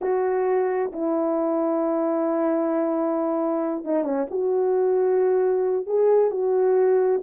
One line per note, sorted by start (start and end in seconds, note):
0.01 0.91 F#4
0.92 3.84 E4
3.84 4.04 D#4
4.04 4.26 C#4
4.30 5.86 F#4
5.86 6.31 G#4
6.31 7.21 F#4